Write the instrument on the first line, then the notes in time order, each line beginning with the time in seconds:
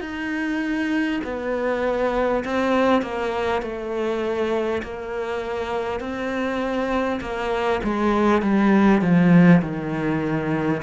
cello
0.00 D#4
1.24 B3
2.44 C4
3.02 A#3
3.62 A3
4.82 A#3
5.99 C4
7.21 A#3
7.83 G#3
8.42 G3
9.01 F3
9.62 D#3